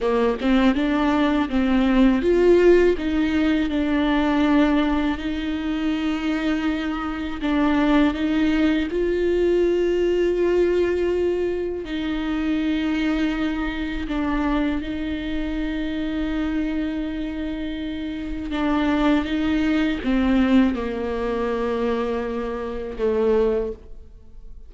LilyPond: \new Staff \with { instrumentName = "viola" } { \time 4/4 \tempo 4 = 81 ais8 c'8 d'4 c'4 f'4 | dis'4 d'2 dis'4~ | dis'2 d'4 dis'4 | f'1 |
dis'2. d'4 | dis'1~ | dis'4 d'4 dis'4 c'4 | ais2. a4 | }